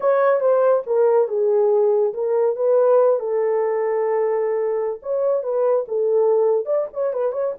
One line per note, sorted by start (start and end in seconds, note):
0.00 0.40 C#5
0.40 0.82 C5
0.86 1.28 A#4
1.28 2.13 G#4
2.13 2.56 A#4
2.56 3.19 B4
3.19 5.00 A4
5.02 5.43 C#5
5.43 5.85 B4
5.88 6.65 A4
6.65 6.87 D5
6.93 7.13 C#5
7.13 7.32 B4
7.32 7.53 C#5